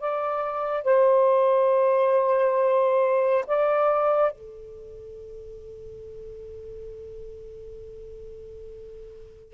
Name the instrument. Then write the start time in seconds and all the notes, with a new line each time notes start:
saxophone
0.00 D5
0.84 C5
3.47 D5
4.32 A4